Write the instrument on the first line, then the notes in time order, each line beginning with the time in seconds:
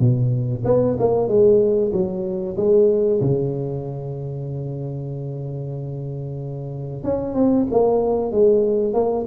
tuba
0.00 B2
0.65 B3
1.00 A#3
1.29 G#3
1.93 F#3
2.57 G#3
3.21 C#3
7.04 C#4
7.35 C4
7.71 A#3
8.32 G#3
8.94 A#3